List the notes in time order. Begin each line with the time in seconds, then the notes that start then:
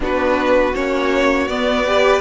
0.00 B3 D4 F#4 B4
0.74 A#3 C#4 C#5
1.47 B3 D5
1.86 G4 B4